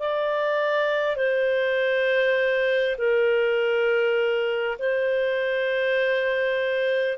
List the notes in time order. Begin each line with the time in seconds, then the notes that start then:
0.00 D5
1.17 C5
2.98 A#4
4.79 C5